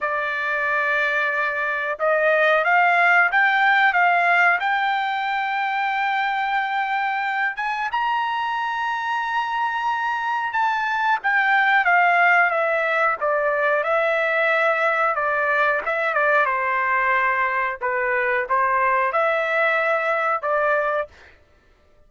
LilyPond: \new Staff \with { instrumentName = "trumpet" } { \time 4/4 \tempo 4 = 91 d''2. dis''4 | f''4 g''4 f''4 g''4~ | g''2.~ g''8 gis''8 | ais''1 |
a''4 g''4 f''4 e''4 | d''4 e''2 d''4 | e''8 d''8 c''2 b'4 | c''4 e''2 d''4 | }